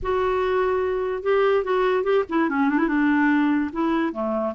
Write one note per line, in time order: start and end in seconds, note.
0.02 1.23 F#4
1.23 1.63 G4
1.63 2.03 F#4
2.03 2.24 G4
2.29 2.49 E4
2.49 2.69 C#4
2.69 2.78 D4
2.78 2.88 E4
2.88 3.70 D4
3.72 4.12 E4
4.12 4.54 A3